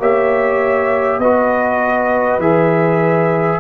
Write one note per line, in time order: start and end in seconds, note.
0.00 1.19 A#3
0.00 1.21 G4
0.00 1.20 C#5
0.00 1.20 E5
1.19 2.39 B3
1.19 2.42 F#4
1.19 3.60 B4
1.19 2.40 D#5
2.39 3.59 E3
2.39 3.60 G#4
2.39 3.60 E5